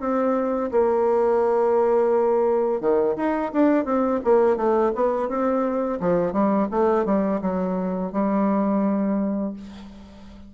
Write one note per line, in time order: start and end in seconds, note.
0.00 0.71 C4
0.72 2.80 A#3
2.80 3.16 D#3
3.16 3.52 D#4
3.53 3.85 D4
3.85 4.20 C4
4.24 4.57 A#3
4.57 4.92 A3
4.95 5.29 B3
5.29 5.99 C4
6.00 6.33 F3
6.33 6.68 G3
6.71 7.06 A3
7.06 7.41 G3
7.41 8.12 F#3
8.12 9.54 G3